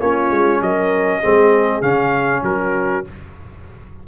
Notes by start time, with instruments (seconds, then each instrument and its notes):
0.00 tuba A#3, trombone C#4, horn F4, trumpet C#5
0.30 tuba G#3
0.61 tuba F#3, horn A#4, trumpet D#5
1.20 tuba G#3, trombone C4, horn G#4
1.81 tuba C#3, trombone C#4, trumpet F5
2.43 tuba F#3, horn F#4, trumpet A#4